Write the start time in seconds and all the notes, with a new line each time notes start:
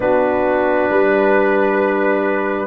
0.00 B3 D4 F#4 B4
0.89 G3 B4